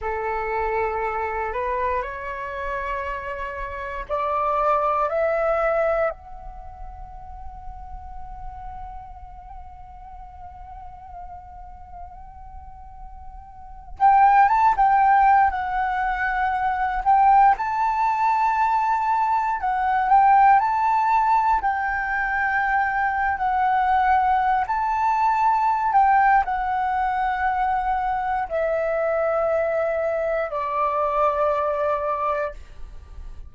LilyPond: \new Staff \with { instrumentName = "flute" } { \time 4/4 \tempo 4 = 59 a'4. b'8 cis''2 | d''4 e''4 fis''2~ | fis''1~ | fis''4.~ fis''16 g''8 a''16 g''8. fis''8.~ |
fis''8. g''8 a''2 fis''8 g''16~ | g''16 a''4 g''4.~ g''16 fis''4~ | fis''16 a''4~ a''16 g''8 fis''2 | e''2 d''2 | }